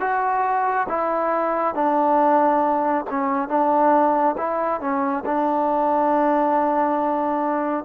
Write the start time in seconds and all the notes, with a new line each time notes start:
0.00 F#4
0.89 E4
1.74 D4
3.10 C#4
3.49 D4
4.38 E4
4.80 C#4
5.25 D4